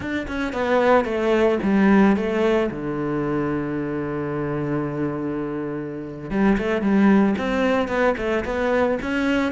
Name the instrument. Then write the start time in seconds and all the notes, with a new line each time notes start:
cello
0.00 D4
0.27 C#4
0.53 B3
1.04 A3
1.62 G3
2.16 A3
2.70 D3
6.30 G3
6.57 A3
6.81 G3
7.38 C4
7.87 B3
8.17 A3
8.44 B3
9.01 C#4